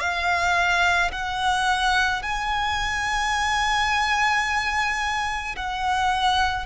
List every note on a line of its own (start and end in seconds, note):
0.00 1.11 F5
1.12 2.22 F#5
2.22 5.56 G#5
5.56 6.66 F#5